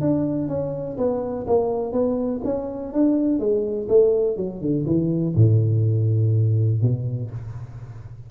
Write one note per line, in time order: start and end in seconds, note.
0.00 0.48 D4
0.48 0.96 C#4
0.97 1.46 B3
1.47 1.92 A#3
1.92 2.41 B3
2.44 2.93 C#4
2.93 3.39 D4
3.39 3.88 G#3
3.88 4.36 A3
4.36 4.61 F#3
4.61 4.85 D3
4.85 5.34 E3
5.35 6.81 A2
6.81 7.30 B2